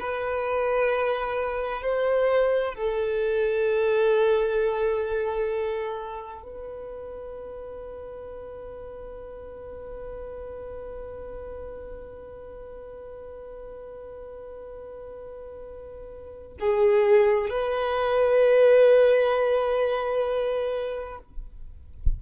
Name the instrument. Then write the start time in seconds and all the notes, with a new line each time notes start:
violin
0.00 B4
1.83 C5
2.75 A4
6.43 B4
16.60 G#4
17.50 B4